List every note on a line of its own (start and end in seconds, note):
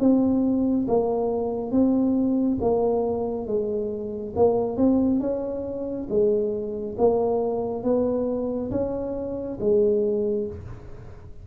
0.00 0.87 C4
0.88 1.72 A#3
1.72 2.58 C4
2.61 3.47 A#3
3.47 4.34 G#3
4.36 4.77 A#3
4.77 5.21 C4
5.21 6.08 C#4
6.09 6.96 G#3
6.98 7.84 A#3
7.84 8.71 B3
8.72 9.58 C#4
9.60 10.47 G#3